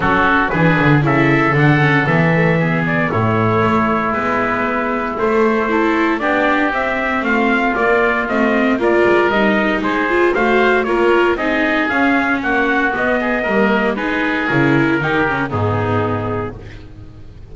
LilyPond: <<
  \new Staff \with { instrumentName = "trumpet" } { \time 4/4 \tempo 4 = 116 a'4 b'4 e''4 fis''4 | e''4. d''8 cis''2 | b'2 c''2 | d''4 e''4 f''4 d''4 |
dis''4 d''4 dis''4 c''4 | f''4 cis''4 dis''4 f''4 | fis''4 dis''2 b'4 | ais'2 gis'2 | }
  \new Staff \with { instrumentName = "oboe" } { \time 4/4 fis'4 gis'4 a'2~ | a'4 gis'4 e'2~ | e'2. a'4 | g'2 f'2~ |
f'4 ais'2 gis'4 | c''4 ais'4 gis'2 | fis'4. gis'8 ais'4 gis'4~ | gis'4 g'4 dis'2 | }
  \new Staff \with { instrumentName = "viola" } { \time 4/4 cis'4 d'4 e'4 d'8 cis'8 | b8 a8 b4 a2 | b2 a4 e'4 | d'4 c'2 ais4 |
c'4 f'4 dis'4. f'8 | fis'4 f'4 dis'4 cis'4~ | cis'4 b4 ais4 dis'4 | e'4 dis'8 cis'8 b2 | }
  \new Staff \with { instrumentName = "double bass" } { \time 4/4 fis4 e8 d8 cis4 d4 | e2 a,4 a4 | gis2 a2 | b4 c'4 a4 ais4 |
a4 ais8 gis8 g4 gis4 | a4 ais4 c'4 cis'4 | ais4 b4 g4 gis4 | cis4 dis4 gis,2 | }
>>